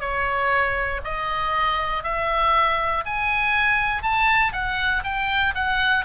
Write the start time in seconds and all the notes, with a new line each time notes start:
0.00 C#5
1.04 D#5
2.03 E5
3.05 G#5
4.03 A5
4.53 F#5
5.04 G5
5.54 F#5